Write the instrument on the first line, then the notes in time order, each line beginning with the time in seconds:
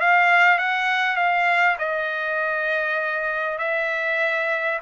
trumpet
0.00 F5
0.58 F#5
1.16 F5
1.79 D#5
3.58 E5